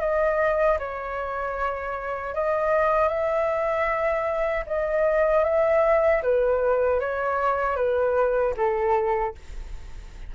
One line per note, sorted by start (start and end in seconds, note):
0.00 0.78 D#5
0.79 2.34 C#5
2.34 3.08 D#5
3.08 4.64 E5
4.66 5.44 D#5
5.44 6.22 E5
6.23 7.00 B4
7.00 7.76 C#5
7.76 8.54 B4
8.57 9.35 A4